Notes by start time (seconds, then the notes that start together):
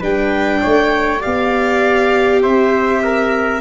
0.00 G3 D4 B4 G5
0.62 A3 C#5
1.20 B3 G4 D5 F5
2.43 C4 C5 E5
3.04 A#4